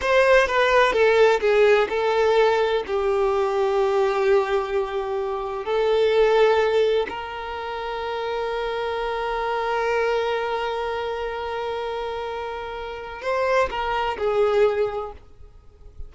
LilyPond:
\new Staff \with { instrumentName = "violin" } { \time 4/4 \tempo 4 = 127 c''4 b'4 a'4 gis'4 | a'2 g'2~ | g'1 | a'2. ais'4~ |
ais'1~ | ais'1~ | ais'1 | c''4 ais'4 gis'2 | }